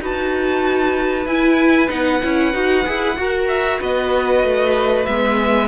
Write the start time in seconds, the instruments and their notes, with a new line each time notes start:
0.00 cello D#4, viola F#4, violin B4 A5
1.26 cello E4, viola E4, violin G#5
1.88 cello B3, viola D#4, violin F#5
2.23 cello C#4, viola E4
2.53 cello D#4, viola F#4
2.85 cello E4, viola G#4
3.17 cello F#4, viola F#4, violin A#4
3.47 violin E5
3.80 cello B3, violin B4 D#5
4.43 cello A3
5.05 cello G#3, viola B3, violin E5